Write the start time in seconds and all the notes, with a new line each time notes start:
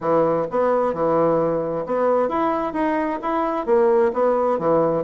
0.00 E3
0.50 B3
0.93 E3
1.86 B3
2.28 E4
2.73 D#4
3.22 E4
3.66 A#3
4.13 B3
4.58 E3